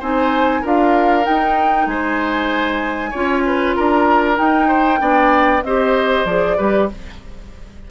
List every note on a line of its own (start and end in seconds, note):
0.00 0.63 C4
0.00 0.64 D#4
0.00 0.61 C5
0.00 0.65 G#5
0.61 1.27 D4
0.61 1.23 F4
0.61 1.86 A#4
0.61 1.26 F5
1.23 3.11 D#4
1.23 1.87 D#4
1.23 1.88 G5
1.87 3.12 G#3
1.87 3.11 C5
1.87 3.75 G#5
3.11 3.77 C#4
3.11 4.36 F4
3.11 3.42 C#5
3.46 3.76 B4
3.76 4.39 D4
3.76 4.68 A#4
3.76 4.38 A#5
4.36 4.99 D#4
4.36 5.01 D#4
4.36 5.63 G5
4.68 4.99 C5
4.99 5.63 B3
4.99 5.62 D4
4.99 5.64 D5
5.63 6.25 C4
5.63 6.27 G4
5.63 6.57 C5
5.63 6.26 D#5
6.25 6.56 F3
6.25 6.58 G#4
6.25 6.88 D5
6.57 6.91 G3
6.57 6.89 G4
6.57 6.89 B4